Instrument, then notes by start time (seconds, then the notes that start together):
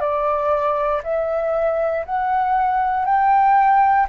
flute
0.00 D5
1.04 E5
2.06 F#5
3.06 G5